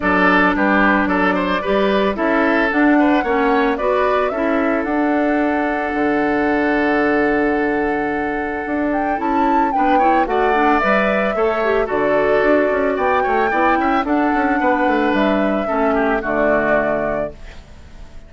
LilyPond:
<<
  \new Staff \with { instrumentName = "flute" } { \time 4/4 \tempo 4 = 111 d''4 b'4 d''2 | e''4 fis''2 d''4 | e''4 fis''2.~ | fis''1~ |
fis''8 g''8 a''4 g''4 fis''4 | e''2 d''2 | g''2 fis''2 | e''2 d''2 | }
  \new Staff \with { instrumentName = "oboe" } { \time 4/4 a'4 g'4 a'8 c''8 b'4 | a'4. b'8 cis''4 b'4 | a'1~ | a'1~ |
a'2 b'8 cis''8 d''4~ | d''4 cis''4 a'2 | d''8 cis''8 d''8 e''8 a'4 b'4~ | b'4 a'8 g'8 fis'2 | }
  \new Staff \with { instrumentName = "clarinet" } { \time 4/4 d'2. g'4 | e'4 d'4 cis'4 fis'4 | e'4 d'2.~ | d'1~ |
d'4 e'4 d'8 e'8 fis'8 d'8 | b'4 a'8 g'8 fis'2~ | fis'4 e'4 d'2~ | d'4 cis'4 a2 | }
  \new Staff \with { instrumentName = "bassoon" } { \time 4/4 fis4 g4 fis4 g4 | cis'4 d'4 ais4 b4 | cis'4 d'2 d4~ | d1 |
d'4 cis'4 b4 a4 | g4 a4 d4 d'8 cis'8 | b8 a8 b8 cis'8 d'8 cis'8 b8 a8 | g4 a4 d2 | }
>>